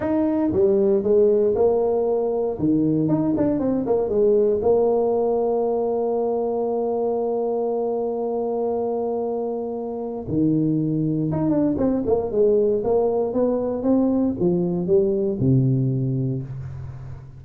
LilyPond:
\new Staff \with { instrumentName = "tuba" } { \time 4/4 \tempo 4 = 117 dis'4 g4 gis4 ais4~ | ais4 dis4 dis'8 d'8 c'8 ais8 | gis4 ais2.~ | ais1~ |
ais1 | dis2 dis'8 d'8 c'8 ais8 | gis4 ais4 b4 c'4 | f4 g4 c2 | }